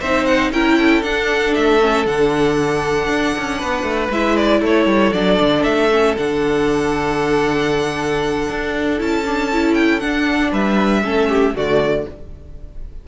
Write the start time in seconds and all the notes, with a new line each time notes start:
0.00 C4 D#4 C5 E5
0.25 F#5
0.50 C#4 E4 A#4 G5
0.78 A4
1.02 D4 F#5
1.54 A3 E5
1.80 C#4
2.05 D3 D4 F#5
3.08 D4
3.38 C#4
3.58 B3 B4
3.83 A3
4.09 G#3 E4 E5
4.36 D5
4.60 A3 A4 C#5
4.85 G3
5.13 F#3 D4 D5
5.39 D3
5.63 A3 E5
5.91 C#4
6.17 D3 D4 F#5
8.49 D4
8.98 C#4 E4 A5
9.25 D4
9.52 E4
9.74 G5
9.99 D4 F#5
10.51 G3 B4 E5
11.03 A3 C#4 A4
11.29 G4
11.53 D3 A3 F#4 D5